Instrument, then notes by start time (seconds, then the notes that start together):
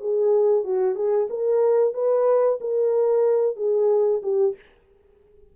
horn
0.00 G#4
0.64 F#4
0.95 G#4
1.30 A#4
1.94 B4
2.61 A#4
3.56 G#4
4.22 G4